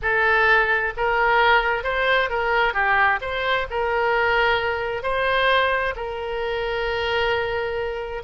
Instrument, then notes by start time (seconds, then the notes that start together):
oboe
0.01 A4
0.96 A#4
1.83 C5
2.29 A#4
2.73 G4
3.21 C5
3.70 A#4
5.02 C5
5.95 A#4